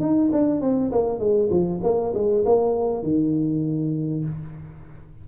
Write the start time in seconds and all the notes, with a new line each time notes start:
0.00 D#4
0.32 D4
0.61 C4
0.92 A#3
1.19 G#3
1.50 F3
1.83 A#3
2.14 G#3
2.45 A#3
3.03 D#3